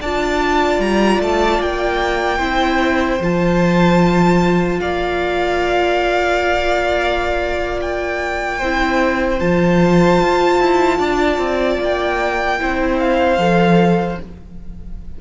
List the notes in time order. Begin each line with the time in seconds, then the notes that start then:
0.00 D4 F4 D5 A5
0.78 G3 A#5
1.19 A3 A5
1.60 A#3 G5
2.38 C4 E4 C5
3.20 F3 F4 A5
4.80 A#3 D5 F5
7.81 G5
8.58 C4 E4 C5
9.39 F3 F4 A5
10.21 F4
10.59 E4
10.98 D4 D5
11.38 C4
11.79 A#3 G5
12.58 C4 E4 C5
12.99 F5
13.37 F3 A4